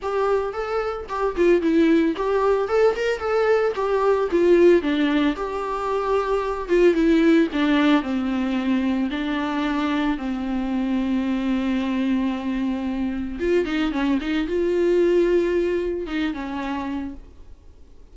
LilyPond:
\new Staff \with { instrumentName = "viola" } { \time 4/4 \tempo 4 = 112 g'4 a'4 g'8 f'8 e'4 | g'4 a'8 ais'8 a'4 g'4 | f'4 d'4 g'2~ | g'8 f'8 e'4 d'4 c'4~ |
c'4 d'2 c'4~ | c'1~ | c'4 f'8 dis'8 cis'8 dis'8 f'4~ | f'2 dis'8 cis'4. | }